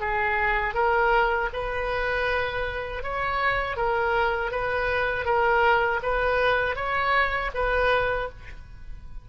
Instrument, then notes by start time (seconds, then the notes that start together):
oboe
0.00 G#4
0.74 A#4
1.53 B4
3.03 C#5
3.76 A#4
4.51 B4
5.25 A#4
6.02 B4
6.75 C#5
7.54 B4